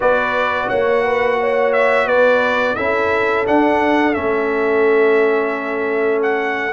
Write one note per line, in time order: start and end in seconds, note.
0.00 0.70 B3
0.00 2.76 F#4
0.00 0.68 B4
0.00 0.69 D5
0.68 2.06 A#3
0.68 1.02 C#5
0.68 1.72 F#5
1.04 1.38 B4
1.40 2.06 C#5
1.73 2.07 E5
2.06 2.75 B3
2.06 2.75 B4
2.06 2.75 D5
2.75 3.46 C#4
2.75 3.46 E4
2.75 6.72 A4
2.75 3.44 E5
3.46 4.13 D4
3.46 4.16 D4
3.46 4.14 F#5
4.13 6.72 A3
4.13 6.72 C#4
4.13 6.21 E5
6.22 6.72 F#5